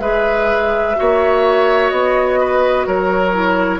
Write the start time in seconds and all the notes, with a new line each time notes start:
0.00 G#3 G#4 B4 E5
0.96 A#3 F#4 C#5
1.91 B3 D#5
2.40 B4
2.87 F#3 A#4 C#5
3.33 E4